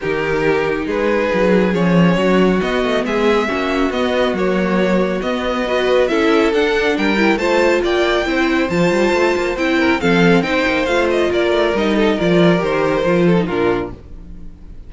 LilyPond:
<<
  \new Staff \with { instrumentName = "violin" } { \time 4/4 \tempo 4 = 138 ais'2 b'2 | cis''2 dis''4 e''4~ | e''4 dis''4 cis''2 | dis''2 e''4 fis''4 |
g''4 a''4 g''2 | a''2 g''4 f''4 | g''4 f''8 dis''8 d''4 dis''4 | d''4 c''2 ais'4 | }
  \new Staff \with { instrumentName = "violin" } { \time 4/4 g'2 gis'2~ | gis'4 fis'2 gis'4 | fis'1~ | fis'4 b'4 a'2 |
ais'4 c''4 d''4 c''4~ | c''2~ c''8 ais'8 a'4 | c''2 ais'4. a'8 | ais'2~ ais'8 a'8 f'4 | }
  \new Staff \with { instrumentName = "viola" } { \time 4/4 dis'1 | cis'2 b2 | cis'4 b4 ais2 | b4 fis'4 e'4 d'4~ |
d'8 e'8 f'2 e'4 | f'2 e'4 c'4 | dis'4 f'2 dis'4 | f'4 g'4 f'8. dis'16 d'4 | }
  \new Staff \with { instrumentName = "cello" } { \time 4/4 dis2 gis4 fis4 | f4 fis4 b8 a8 gis4 | ais4 b4 fis2 | b2 cis'4 d'4 |
g4 a4 ais4 c'4 | f8 g8 a8 ais8 c'4 f4 | c'8 ais8 a4 ais8 a8 g4 | f4 dis4 f4 ais,4 | }
>>